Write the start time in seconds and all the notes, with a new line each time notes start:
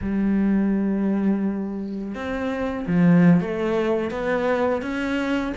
0.01 G3
2.14 C4
2.87 F3
3.41 A3
4.11 B3
4.81 C#4